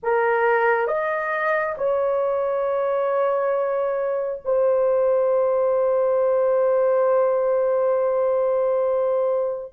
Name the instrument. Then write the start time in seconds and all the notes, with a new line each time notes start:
horn
0.02 A#4
0.87 D#5
1.77 C#5
4.44 C5